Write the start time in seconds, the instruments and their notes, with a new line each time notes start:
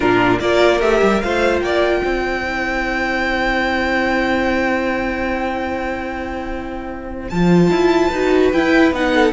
0.00 cello A#2, viola D4, violin F4 A#4
0.40 cello A#3, viola F4, violin A#4 D5
0.80 cello A3, viola G4, violin E5
1.02 cello G3
1.21 cello A3, viola F4, violin C5 F5
1.59 cello A#3, violin D5 G5
2.03 cello C4, violin C5
2.44 viola E4
7.29 cello F3, viola F4, violin A5
7.70 cello E4
8.07 cello D#4, violin B4
8.13 viola F#4
8.52 cello E4, viola E4, violin G5
8.91 cello B3, viola D#4, violin F#5
9.14 violin A4